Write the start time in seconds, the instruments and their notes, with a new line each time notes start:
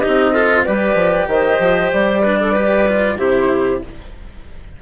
0.00 cello D#4, clarinet G4, flute D#5
0.07 bassoon C4
0.32 cello F4, clarinet A4
0.64 bassoon G3, cello G4, clarinet B4, flute D5
0.94 bassoon F3
1.28 bassoon D#3, clarinet C5, flute D#5
1.60 bassoon F3
1.93 bassoon G3, flute D5
2.22 cello D4, clarinet B4
2.41 clarinet A4
2.52 cello G4, clarinet B4
2.88 cello F4
3.18 bassoon C3, cello E4, clarinet G4, flute C5